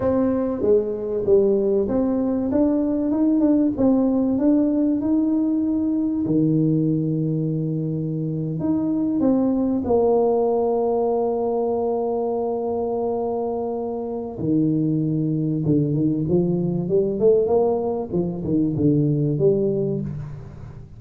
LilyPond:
\new Staff \with { instrumentName = "tuba" } { \time 4/4 \tempo 4 = 96 c'4 gis4 g4 c'4 | d'4 dis'8 d'8 c'4 d'4 | dis'2 dis2~ | dis4.~ dis16 dis'4 c'4 ais16~ |
ais1~ | ais2. dis4~ | dis4 d8 dis8 f4 g8 a8 | ais4 f8 dis8 d4 g4 | }